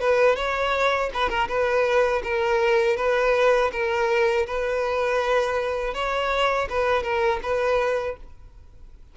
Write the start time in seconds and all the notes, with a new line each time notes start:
0.00 B4
0.36 C#5
1.13 B4
1.29 A#4
1.48 B4
2.23 A#4
2.97 B4
3.72 A#4
4.46 B4
5.94 C#5
6.69 B4
7.03 A#4
7.42 B4